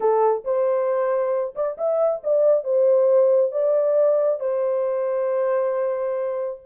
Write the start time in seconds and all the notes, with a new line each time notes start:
0.00 A4
0.44 C5
1.55 D5
1.77 E5
2.23 D5
2.64 C5
3.51 D5
4.39 C5